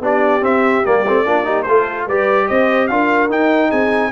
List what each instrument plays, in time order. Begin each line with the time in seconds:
0.00 tuba B3, trombone D4, horn G4, trumpet D5
0.41 trombone C4, tuba C4, trumpet E5
0.85 tuba G3, trombone A#3, trumpet D5
1.07 tuba A3, trombone C4
1.25 tuba A#3, trombone D4, horn F4
1.44 trombone D#4, horn G4
1.63 tuba A3, horn A4, trumpet C5
1.69 trombone F4
2.06 tuba G3, trombone G4, horn B4, trumpet D5
2.48 tuba C4, horn C5, trumpet D#5
2.87 tuba D4, trombone F4, horn A#4, trumpet F5
3.30 tuba D#4, trombone D#4, trumpet G5
3.69 tuba C4, horn G#4, trumpet G#5